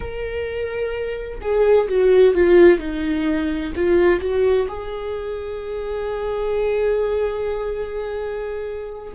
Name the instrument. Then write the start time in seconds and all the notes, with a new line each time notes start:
viola
0.00 A#4
1.41 G#4
1.88 F#4
2.34 F4
2.79 D#4
3.75 F4
4.20 F#4
4.68 G#4